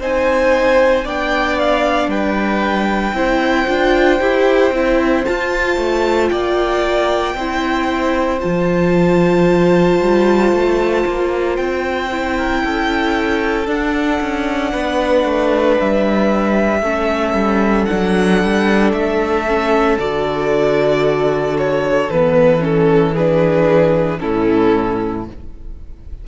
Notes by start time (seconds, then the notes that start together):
0.00 C4 D#4 C5 G#5
1.05 B3 D4 D5 G5
1.59 F5
2.07 G3 B4 G5
3.13 C4 E4 C5
3.67 D4 F4
4.20 E4 G4
4.71 C4 E4
5.25 F4 A5
5.77 A3
6.29 A#3 D5 G5
7.34 C4 E4 C5
8.41 F3 F4 A5
10.00 G3
10.52 A3
11.06 A#3
11.56 C4 G5
12.11 E4
12.37 A#4
12.63 C#4 A4
13.66 D4 F#5
14.21 C#4
14.72 B3 B4
15.24 A3
15.80 G3 E5
16.82 A3 C#4 A4
17.33 G3
17.86 D4 F#5
17.92 F#3
18.44 G3
18.93 A3 E5
19.47 C#4
19.98 D3 F#4 D5
21.58 C#5
22.10 E3 B3 B4
22.60 C#4 A4
23.14 D4 G#4 B4
24.19 A2 C#4 E4 A4